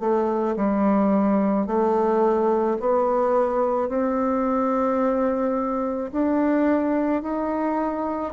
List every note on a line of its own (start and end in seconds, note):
0.00 0.56 A3
0.57 1.67 G3
1.67 2.78 A3
2.80 3.89 B3
3.89 6.11 C4
6.12 7.22 D4
7.22 8.33 D#4